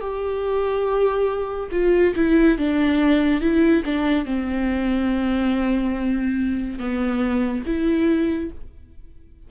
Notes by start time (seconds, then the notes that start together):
0.00 G4
1.72 F4
2.15 E4
2.58 D4
3.41 E4
3.85 D4
4.25 C4
6.79 B3
7.66 E4